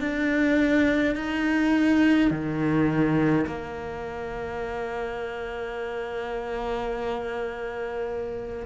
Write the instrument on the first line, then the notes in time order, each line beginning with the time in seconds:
cello
0.00 D4
1.15 D#4
2.30 D#3
3.46 A#3